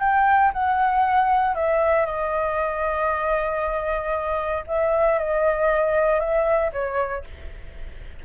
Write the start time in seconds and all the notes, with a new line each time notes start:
0.00 G5
0.53 F#5
1.55 E5
2.06 D#5
4.67 E5
5.19 D#5
6.20 E5
6.73 C#5